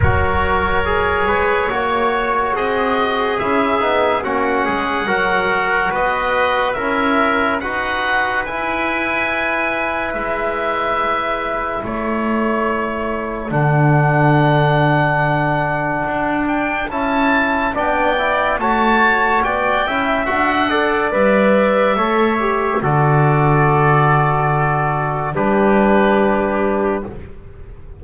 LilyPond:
<<
  \new Staff \with { instrumentName = "oboe" } { \time 4/4 \tempo 4 = 71 cis''2. dis''4 | e''4 fis''2 dis''4 | e''4 fis''4 gis''2 | e''2 cis''2 |
fis''2.~ fis''8 g''8 | a''4 g''4 a''4 g''4 | fis''4 e''2 d''4~ | d''2 b'2 | }
  \new Staff \with { instrumentName = "trumpet" } { \time 4/4 ais'4. b'8 cis''4 gis'4~ | gis'4 fis'8 gis'8 ais'4 b'4 | ais'4 b'2.~ | b'2 a'2~ |
a'1~ | a'4 d''4 cis''4 d''8 e''8~ | e''8 d''4. cis''4 a'4~ | a'2 g'2 | }
  \new Staff \with { instrumentName = "trombone" } { \time 4/4 fis'4 gis'4 fis'2 | e'8 dis'8 cis'4 fis'2 | e'4 fis'4 e'2~ | e'1 |
d'1 | e'4 d'8 e'8 fis'4. e'8 | fis'8 a'8 b'4 a'8 g'8 fis'4~ | fis'2 d'2 | }
  \new Staff \with { instrumentName = "double bass" } { \time 4/4 fis4. gis8 ais4 c'4 | cis'8 b8 ais8 gis8 fis4 b4 | cis'4 dis'4 e'2 | gis2 a2 |
d2. d'4 | cis'4 b4 a4 b8 cis'8 | d'4 g4 a4 d4~ | d2 g2 | }
>>